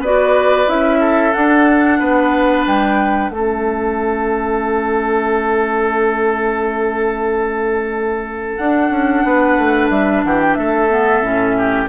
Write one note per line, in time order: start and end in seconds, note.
0.00 0.66 B3
0.00 0.67 F#4
0.00 0.99 B4
0.00 0.69 D5
0.67 1.34 C#4
0.67 1.33 E4
0.67 1.33 E5
1.00 1.99 A4
1.33 3.32 D4
1.33 2.00 D4
1.33 2.65 F#5
1.99 2.66 B3
1.99 3.31 B4
2.66 3.30 G3
2.66 3.32 G5
3.30 8.57 A3
3.30 8.60 C#4
3.30 9.26 A4
3.30 8.56 E5
8.56 8.90 D4
8.56 10.90 D4
8.56 9.88 F#5
8.90 9.23 C#4
9.25 9.58 B3
9.25 10.25 B4
9.58 9.90 A3
9.90 10.23 G3
9.90 10.23 E5
10.24 10.57 E3
10.24 10.58 G4
10.24 10.41 F#5
10.41 10.54 G5
10.54 11.22 A3
10.54 11.57 A4
10.54 11.86 E5
10.90 11.23 B3
11.22 11.87 A2
11.22 11.88 C#4
11.57 11.89 G4